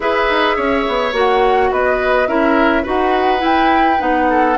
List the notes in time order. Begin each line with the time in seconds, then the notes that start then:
0.00 E4 G#4 B4 E5
0.29 D#4
0.56 C#4 C#5
0.87 B3
1.12 A#3 F#4 F#5
1.71 B3 B4 D#5
2.27 C#4 E4 A#4 E5
2.82 D#4 F#4 B4 F#5
3.38 E4
3.44 G5
3.99 B3 D#4 F#5
4.29 A4